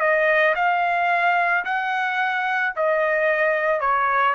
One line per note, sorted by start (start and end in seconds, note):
0.00 0.55 D#5
0.56 1.65 F5
1.65 2.74 F#5
2.76 3.80 D#5
3.80 4.35 C#5